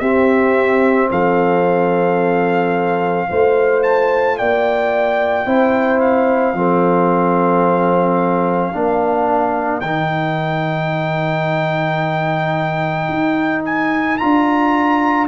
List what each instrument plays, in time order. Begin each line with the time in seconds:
0.00 tuba C4, trombone C4, horn G4, trumpet E5
1.11 tuba F3, horn A4, trumpet F5
3.28 tuba A3, trombone F4, horn C5
3.83 trumpet A5
4.38 tuba A#3, horn D5, trumpet G5
5.46 tuba C4, trombone E4, horn C5
6.00 trumpet F5
6.54 tuba F3, trombone C4, horn A4
8.73 tuba A#3, trombone D4, horn A#4
9.81 tuba D#3, trombone D#4, trumpet G5
13.09 tuba D#4
13.65 trumpet G#5
14.18 tuba D4, trombone F4, trumpet A#5